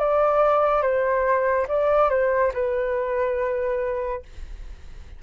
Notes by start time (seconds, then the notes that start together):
0.00 D5
0.83 C5
1.68 D5
2.10 C5
2.54 B4